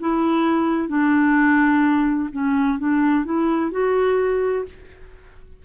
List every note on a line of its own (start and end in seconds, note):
0.00 0.88 E4
0.88 2.29 D4
2.32 2.79 C#4
2.79 3.25 D4
3.25 3.71 E4
3.71 4.65 F#4